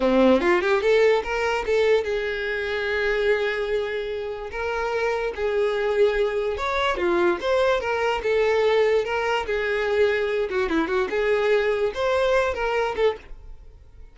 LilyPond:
\new Staff \with { instrumentName = "violin" } { \time 4/4 \tempo 4 = 146 c'4 f'8 g'8 a'4 ais'4 | a'4 gis'2.~ | gis'2. ais'4~ | ais'4 gis'2. |
cis''4 f'4 c''4 ais'4 | a'2 ais'4 gis'4~ | gis'4. fis'8 e'8 fis'8 gis'4~ | gis'4 c''4. ais'4 a'8 | }